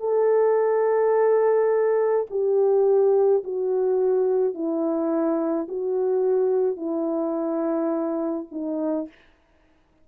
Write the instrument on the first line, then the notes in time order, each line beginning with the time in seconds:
horn
0.00 A4
2.30 G4
3.44 F#4
4.54 E4
5.68 F#4
6.77 E4
8.52 D#4